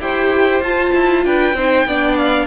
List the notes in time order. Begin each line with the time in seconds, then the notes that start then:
0.00 E4 G4 C5 G5
0.60 F4 A5
0.94 E4
1.24 D4 B4 G5
1.54 C4 D#4 C5
1.85 B3 D4 D5
2.17 F5